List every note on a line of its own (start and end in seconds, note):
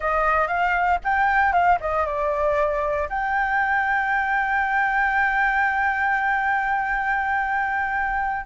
0.00 0.47 D#5
0.47 0.98 F5
1.03 1.52 G5
1.52 1.78 F5
1.80 2.06 D#5
2.06 3.08 D5
3.09 8.45 G5